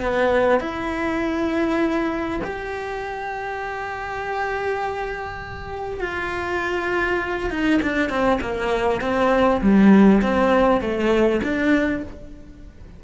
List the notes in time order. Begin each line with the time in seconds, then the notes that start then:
0.00 B3
0.60 E4
2.44 G4
6.00 F4
7.50 D#4
7.82 D4
8.09 C4
8.41 A#3
9.01 C4
9.61 G3
10.22 C4
10.81 A3
11.44 D4